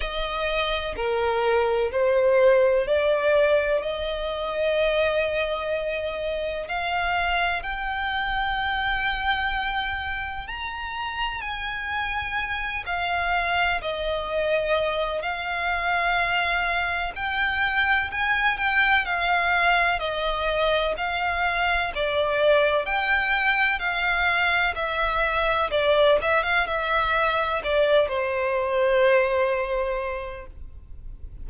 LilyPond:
\new Staff \with { instrumentName = "violin" } { \time 4/4 \tempo 4 = 63 dis''4 ais'4 c''4 d''4 | dis''2. f''4 | g''2. ais''4 | gis''4. f''4 dis''4. |
f''2 g''4 gis''8 g''8 | f''4 dis''4 f''4 d''4 | g''4 f''4 e''4 d''8 e''16 f''16 | e''4 d''8 c''2~ c''8 | }